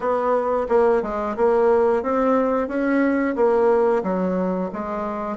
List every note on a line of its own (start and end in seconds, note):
0.00 0.67 B3
0.68 1.02 A#3
1.02 1.36 G#3
1.36 2.02 A#3
2.02 2.68 C4
2.68 3.35 C#4
3.35 4.03 A#3
4.03 4.70 F#3
4.73 5.37 G#3